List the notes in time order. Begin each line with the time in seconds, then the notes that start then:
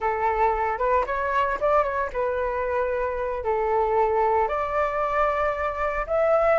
0.00 A4
0.78 B4
1.06 C#5
1.60 D5
1.83 C#5
2.12 B4
3.44 A4
4.48 D5
6.06 E5